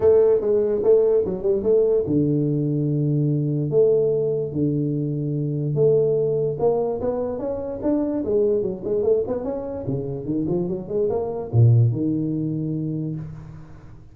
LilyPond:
\new Staff \with { instrumentName = "tuba" } { \time 4/4 \tempo 4 = 146 a4 gis4 a4 fis8 g8 | a4 d2.~ | d4 a2 d4~ | d2 a2 |
ais4 b4 cis'4 d'4 | gis4 fis8 gis8 a8 b8 cis'4 | cis4 dis8 f8 fis8 gis8 ais4 | ais,4 dis2. | }